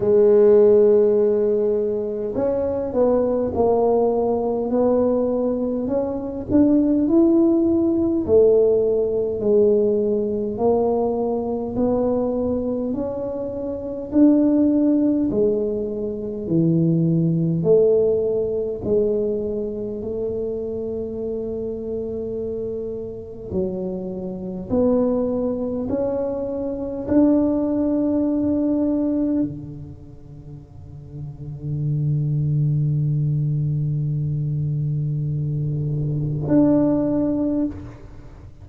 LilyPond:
\new Staff \with { instrumentName = "tuba" } { \time 4/4 \tempo 4 = 51 gis2 cis'8 b8 ais4 | b4 cis'8 d'8 e'4 a4 | gis4 ais4 b4 cis'4 | d'4 gis4 e4 a4 |
gis4 a2. | fis4 b4 cis'4 d'4~ | d'4 d2.~ | d2. d'4 | }